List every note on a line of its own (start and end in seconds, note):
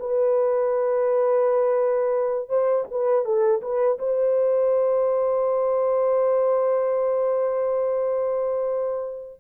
0.00 2.49 B4
2.49 2.85 C5
2.91 3.25 B4
3.25 3.61 A4
3.62 3.98 B4
3.99 9.40 C5